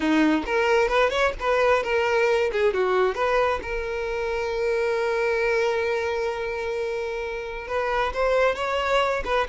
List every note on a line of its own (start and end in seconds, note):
0.00 0.43 D#4
0.46 0.88 A#4
0.88 1.10 B4
1.10 1.32 C#5
1.40 1.83 B4
1.83 2.51 A#4
2.51 2.73 G#4
2.73 3.15 F#4
3.15 3.60 B4
3.62 7.67 A#4
7.67 8.12 B4
8.13 8.55 C5
8.55 9.23 C#5
9.24 9.47 B4